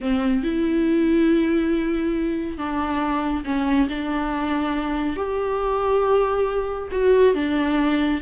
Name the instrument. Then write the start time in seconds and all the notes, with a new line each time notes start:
viola
0.01 C4
0.43 E4
2.57 D4
3.44 C#4
3.88 D4
5.16 G4
6.91 F#4
7.34 D4